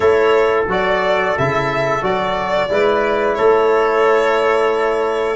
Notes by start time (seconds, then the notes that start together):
0.00 A3 E4 A4 C#5
0.67 F#3 F#4 D5
1.37 C#3 E4 E5
2.02 F#3 F#4 D5
2.69 G#3 E4 B4
3.34 A3 A4 C#5